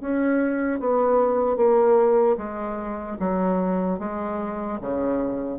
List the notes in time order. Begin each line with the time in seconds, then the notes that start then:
0.00 C#4
0.80 B3
1.56 A#3
2.37 G#3
3.19 F#3
3.99 G#3
4.81 C#3